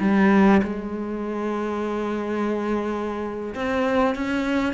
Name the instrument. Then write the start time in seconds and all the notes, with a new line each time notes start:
cello
0.00 G3
0.63 G#3
3.55 C4
4.15 C#4